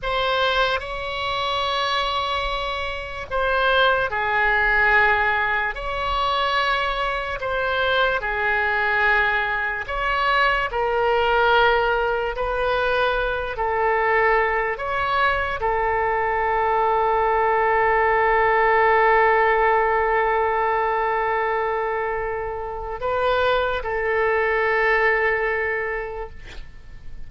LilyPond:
\new Staff \with { instrumentName = "oboe" } { \time 4/4 \tempo 4 = 73 c''4 cis''2. | c''4 gis'2 cis''4~ | cis''4 c''4 gis'2 | cis''4 ais'2 b'4~ |
b'8 a'4. cis''4 a'4~ | a'1~ | a'1 | b'4 a'2. | }